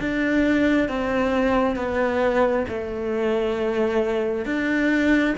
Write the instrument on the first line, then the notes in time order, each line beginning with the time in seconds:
cello
0.00 D4
0.89 C4
1.76 B3
2.68 A3
4.45 D4